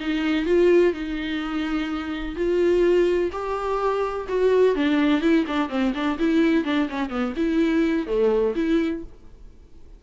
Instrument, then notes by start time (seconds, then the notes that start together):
viola
0.00 D#4
0.46 F4
0.94 D#4
2.36 F4
3.32 G4
4.28 F#4
4.76 D4
5.21 E4
5.47 D4
5.69 C4
5.94 D4
6.19 E4
6.65 D4
6.89 C#4
7.10 B3
7.36 E4
8.07 A3
8.56 E4